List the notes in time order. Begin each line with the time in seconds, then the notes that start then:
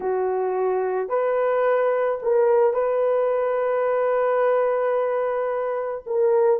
0.00 F#4
1.08 B4
2.22 A#4
2.73 B4
6.06 A#4